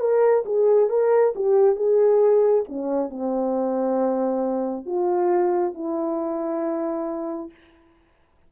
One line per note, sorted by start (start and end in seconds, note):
0.00 0.44 A#4
0.46 0.90 G#4
0.90 1.34 A#4
1.36 1.76 G4
1.76 2.64 G#4
2.69 3.10 C#4
3.10 4.86 C4
4.86 5.74 F4
5.75 7.51 E4